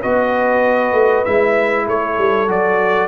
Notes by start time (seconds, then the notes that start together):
0.00 B3 F#4 B4 D#5
0.93 A3
1.24 G#3 E4 E5
1.87 A3 A4 C#5
2.18 G3
2.48 F#3 F#4 D5